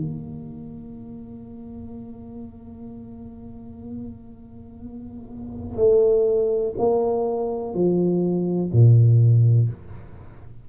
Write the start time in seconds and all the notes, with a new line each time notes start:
0.00 A#3
5.77 A3
6.78 A#3
7.74 F3
8.73 A#2